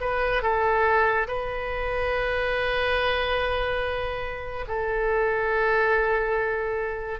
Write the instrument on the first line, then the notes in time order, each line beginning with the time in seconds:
oboe
0.00 B4
0.42 A4
1.28 B4
4.67 A4